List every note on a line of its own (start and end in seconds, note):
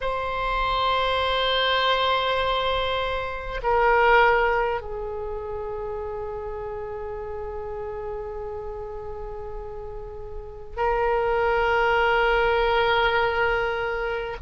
0.00 3.60 C5
3.63 4.81 A#4
4.81 10.77 G#4
10.77 14.37 A#4